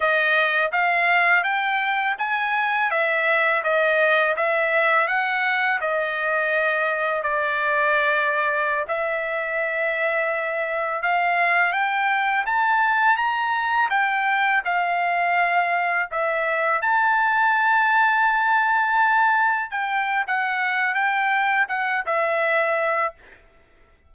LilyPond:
\new Staff \with { instrumentName = "trumpet" } { \time 4/4 \tempo 4 = 83 dis''4 f''4 g''4 gis''4 | e''4 dis''4 e''4 fis''4 | dis''2 d''2~ | d''16 e''2. f''8.~ |
f''16 g''4 a''4 ais''4 g''8.~ | g''16 f''2 e''4 a''8.~ | a''2.~ a''16 g''8. | fis''4 g''4 fis''8 e''4. | }